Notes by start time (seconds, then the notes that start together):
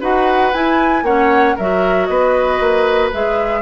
0.00 D#4 F#4 B4 F#5
0.53 E4 G#5
1.02 A#3 C#4 C#5 F#5
1.56 F#3 F#4 A#4 E5
2.05 B3 B4 D#5
2.60 A#3
3.13 G#3 G#4 E5